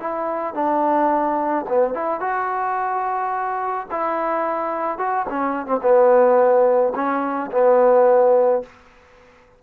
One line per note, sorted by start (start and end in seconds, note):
0.00 0.55 E4
0.55 1.66 D4
1.69 1.94 B3
1.94 2.21 E4
2.21 3.87 F#4
3.91 4.99 E4
4.99 5.27 F#4
5.30 5.67 C#4
5.67 5.81 C4
5.82 6.93 B3
6.95 7.51 C#4
7.52 8.63 B3